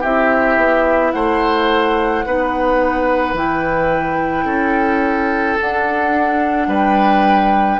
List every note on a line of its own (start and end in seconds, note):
0.00 0.57 C4
0.00 2.26 E4
0.00 1.11 G4
0.00 1.11 E5
0.57 1.12 B3
1.11 2.25 A3
1.11 2.25 C5
1.11 3.34 F#5
2.25 3.34 B3
2.25 3.36 D#4
2.25 4.44 B4
3.34 4.44 E3
3.34 5.58 E4
3.34 5.59 G5
4.44 5.55 C#4
4.44 6.67 A4
5.59 7.79 D4
5.59 6.67 D4
5.59 6.70 F#5
6.67 7.78 G3
6.67 7.79 B4
6.67 7.79 G5